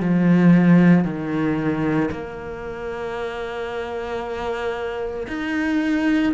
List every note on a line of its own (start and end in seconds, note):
0.00 1.05 F3
1.05 2.10 D#3
2.11 5.27 A#3
5.28 6.33 D#4